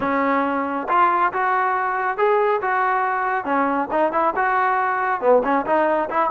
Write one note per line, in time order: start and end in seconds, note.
0.00 0.87 C#4
0.89 1.32 F4
1.33 2.17 F#4
2.17 2.60 G#4
2.61 3.44 F#4
3.44 3.88 C#4
3.91 4.12 D#4
4.12 4.34 E4
4.36 5.20 F#4
5.20 5.42 B3
5.44 5.65 C#4
5.65 6.09 D#4
6.10 6.30 E4